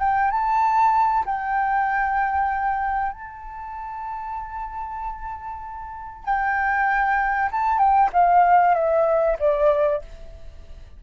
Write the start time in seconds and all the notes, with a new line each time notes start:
0.00 G5
0.31 A5
1.26 G5
3.12 A5
6.25 G5
7.52 A5
7.79 G5
8.13 F5
8.75 E5
9.39 D5